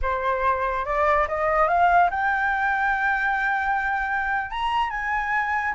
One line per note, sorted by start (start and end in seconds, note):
0.02 0.85 C5
0.85 1.27 D5
1.28 1.68 D#5
1.68 2.10 F5
2.10 4.50 G5
4.50 4.90 A#5
4.90 5.73 G#5